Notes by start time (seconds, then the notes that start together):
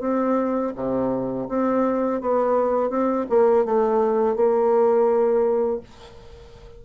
0.00 C4
0.75 C3
1.48 C4
2.20 B3
2.89 C4
3.29 A#3
3.65 A3
4.35 A#3